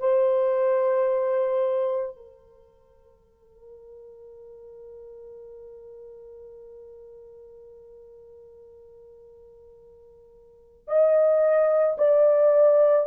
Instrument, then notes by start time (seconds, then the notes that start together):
horn
0.00 C5
2.17 A#4
10.88 D#5
11.99 D5